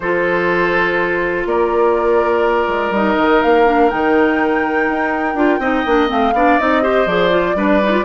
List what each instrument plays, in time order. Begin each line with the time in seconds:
0.00 bassoon F3, clarinet F4, oboe A4, flute C5
1.45 bassoon A#3, oboe A#4, flute D5
2.68 bassoon G#3
2.90 bassoon G3, clarinet D#4, flute D#5
3.16 bassoon D#3
3.42 bassoon A#3, flute F5
3.65 clarinet D4
3.89 bassoon D#3, clarinet D#4, flute G5
4.88 bassoon D#4
5.34 bassoon D4, clarinet F4
5.58 bassoon C4, clarinet D#4, oboe D#5
5.85 bassoon A#3, clarinet D4
6.08 bassoon A3, clarinet C4, flute F5
6.33 bassoon B3, clarinet D4, oboe D5
6.59 bassoon C4, clarinet D#4, flute D#5
6.82 clarinet G4, oboe C5
7.06 bassoon F3, clarinet G#4, flute D5
7.30 clarinet F4
7.55 bassoon G3, clarinet D4, oboe B4
7.83 clarinet D#4
7.91 clarinet F4